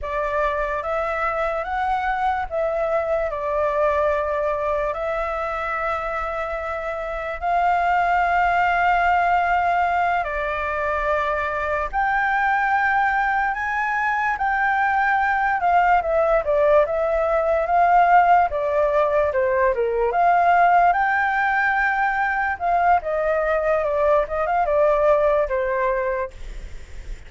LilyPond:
\new Staff \with { instrumentName = "flute" } { \time 4/4 \tempo 4 = 73 d''4 e''4 fis''4 e''4 | d''2 e''2~ | e''4 f''2.~ | f''8 d''2 g''4.~ |
g''8 gis''4 g''4. f''8 e''8 | d''8 e''4 f''4 d''4 c''8 | ais'8 f''4 g''2 f''8 | dis''4 d''8 dis''16 f''16 d''4 c''4 | }